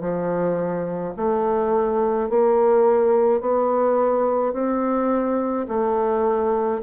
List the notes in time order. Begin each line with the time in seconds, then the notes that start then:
0.00 F3
1.16 A3
2.29 A#3
3.40 B3
4.53 C4
5.68 A3